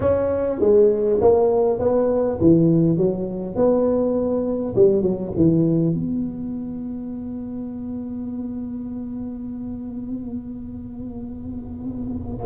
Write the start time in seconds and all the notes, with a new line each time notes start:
0.00 C#4
0.60 G#3
1.21 A#3
1.79 B3
2.41 E3
2.97 F#3
3.55 B3
4.75 G3
5.02 F#3
5.35 E3
5.94 B3